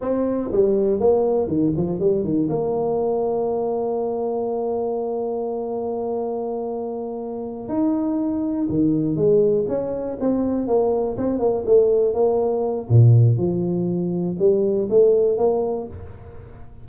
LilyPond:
\new Staff \with { instrumentName = "tuba" } { \time 4/4 \tempo 4 = 121 c'4 g4 ais4 dis8 f8 | g8 dis8 ais2.~ | ais1~ | ais2.~ ais8 dis'8~ |
dis'4. dis4 gis4 cis'8~ | cis'8 c'4 ais4 c'8 ais8 a8~ | a8 ais4. ais,4 f4~ | f4 g4 a4 ais4 | }